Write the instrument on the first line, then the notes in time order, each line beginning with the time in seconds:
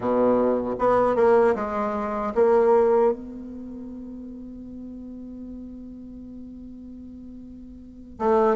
bassoon
0.00 B2
0.79 B3
1.15 A#3
1.55 G#3
2.34 A#3
3.12 B3
8.18 A3